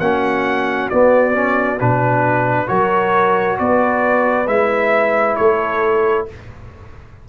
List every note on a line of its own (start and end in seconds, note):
0.00 0.90 A#3
0.00 0.91 C#4
0.00 2.69 F#4
0.00 0.90 F#5
0.90 1.34 B3
0.90 1.81 B3
0.90 1.79 D5
1.34 1.79 C#4
1.80 2.71 B2
1.80 2.68 D4
1.80 2.68 B4
2.68 3.60 F#3
2.68 4.47 F#4
2.68 3.58 A#4
2.68 3.58 C#5
3.59 4.48 B3
3.59 5.40 B4
3.59 4.48 D5
4.48 5.37 G#3
4.48 6.28 E4
4.48 5.36 E5
5.36 6.29 A3
5.36 6.29 A4
5.36 6.26 C#5